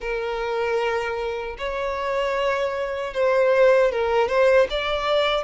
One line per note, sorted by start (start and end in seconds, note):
0.00 1.56 A#4
1.58 3.13 C#5
3.13 3.91 C5
3.91 4.28 A#4
4.28 4.67 C5
4.70 5.44 D5